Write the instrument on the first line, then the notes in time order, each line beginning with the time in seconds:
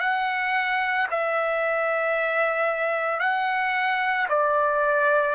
trumpet
0.00 F#5
1.11 E5
3.20 F#5
4.29 D5